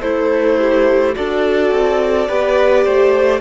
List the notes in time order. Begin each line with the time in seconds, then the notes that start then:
0.00 A3 E4 A4 C5
0.58 G4
1.15 D4 F#4 A4 D5
1.71 C4
2.28 B3 G4 B4
2.84 A3 C5